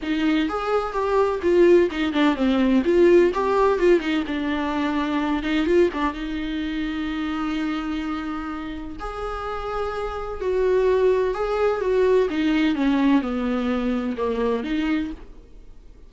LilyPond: \new Staff \with { instrumentName = "viola" } { \time 4/4 \tempo 4 = 127 dis'4 gis'4 g'4 f'4 | dis'8 d'8 c'4 f'4 g'4 | f'8 dis'8 d'2~ d'8 dis'8 | f'8 d'8 dis'2.~ |
dis'2. gis'4~ | gis'2 fis'2 | gis'4 fis'4 dis'4 cis'4 | b2 ais4 dis'4 | }